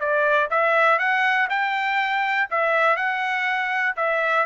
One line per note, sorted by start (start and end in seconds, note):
0.00 0.50 D5
0.51 0.99 E5
0.99 1.49 F#5
1.50 2.49 G5
2.51 2.97 E5
2.97 3.96 F#5
3.97 4.47 E5